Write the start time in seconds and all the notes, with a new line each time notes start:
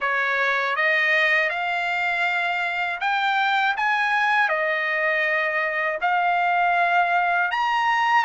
0.00 C#5
0.76 D#5
1.49 F5
3.00 G5
3.77 G#5
4.48 D#5
6.01 F5
7.51 A#5